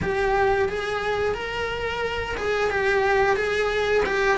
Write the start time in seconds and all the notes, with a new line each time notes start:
0.02 G4
0.69 G#4
1.34 A#4
2.36 G#4
2.70 G4
3.36 G#4
4.05 G4